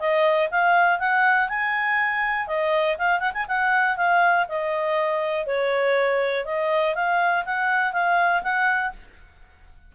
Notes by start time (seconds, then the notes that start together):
0.00 D#5
0.51 F5
0.99 F#5
1.49 G#5
2.47 D#5
2.98 F5
3.20 F#5
3.34 G#5
3.48 F#5
3.97 F5
4.49 D#5
5.47 C#5
6.46 D#5
6.95 F5
7.46 F#5
7.93 F5
8.43 F#5